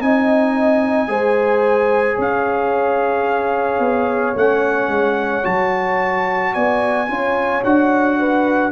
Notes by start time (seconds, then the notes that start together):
0.00 C4 D#4 D#5 G#5
1.08 G#3 G#4 C5
2.16 C#4 C#5 F5
3.79 B3
4.35 A3 C#4 F#5
4.88 G#3
5.43 F#3 F#4 A5
6.53 B3 D5 G#5
7.07 C#4 F4 C#5
7.64 D4 F#4 F#5
8.19 B4